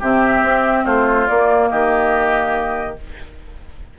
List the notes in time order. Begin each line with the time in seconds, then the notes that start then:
0.00 C3 C4 G4 E5
0.43 C4
0.85 A3 F4 C5
1.27 A#3 D5
1.70 D#3 G4 D#5